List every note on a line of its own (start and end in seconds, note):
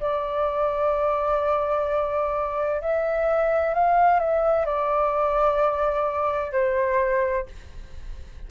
0.00 2.81 D5
2.81 3.74 E5
3.74 4.20 F5
4.20 4.66 E5
4.66 6.52 D5
6.52 7.46 C5